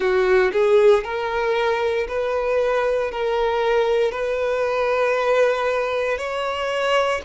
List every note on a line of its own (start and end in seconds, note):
0.00 0.51 F#4
0.52 1.03 G#4
1.03 2.07 A#4
2.07 3.11 B4
3.11 4.11 A#4
4.11 6.17 B4
6.17 7.21 C#5